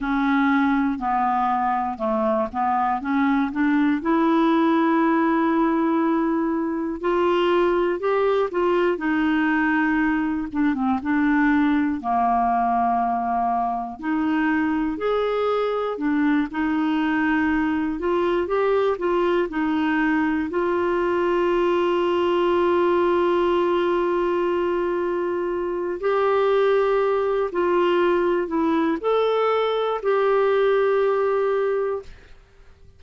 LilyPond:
\new Staff \with { instrumentName = "clarinet" } { \time 4/4 \tempo 4 = 60 cis'4 b4 a8 b8 cis'8 d'8 | e'2. f'4 | g'8 f'8 dis'4. d'16 c'16 d'4 | ais2 dis'4 gis'4 |
d'8 dis'4. f'8 g'8 f'8 dis'8~ | dis'8 f'2.~ f'8~ | f'2 g'4. f'8~ | f'8 e'8 a'4 g'2 | }